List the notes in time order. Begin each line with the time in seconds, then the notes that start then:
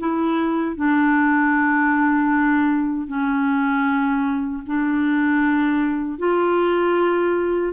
0.00 E4
0.76 D4
3.07 C#4
4.67 D4
6.19 F4